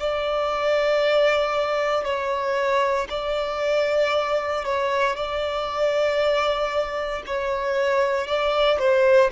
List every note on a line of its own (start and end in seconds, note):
0.00 2.05 D5
2.05 3.08 C#5
3.10 4.65 D5
4.65 5.16 C#5
5.16 7.23 D5
7.26 8.28 C#5
8.28 8.79 D5
8.79 9.31 C5